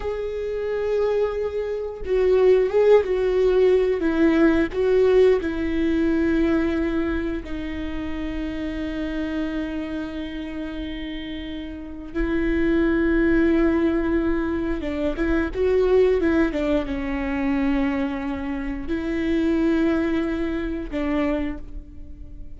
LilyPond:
\new Staff \with { instrumentName = "viola" } { \time 4/4 \tempo 4 = 89 gis'2. fis'4 | gis'8 fis'4. e'4 fis'4 | e'2. dis'4~ | dis'1~ |
dis'2 e'2~ | e'2 d'8 e'8 fis'4 | e'8 d'8 cis'2. | e'2. d'4 | }